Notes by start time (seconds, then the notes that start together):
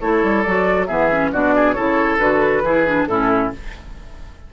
0.00 A3 E4 A4 C#5
0.23 G3
0.42 F#3 F#4 D5
0.87 E3 B3 G#4 E5
1.11 C#4
1.33 B2 D4 F#4 D5
1.56 G#4
1.73 C#3 E4 A4 C#5
2.19 D3 F#4 B4
2.63 E3 E4 G#4
2.87 D4
3.07 A2 C#4 E4 A4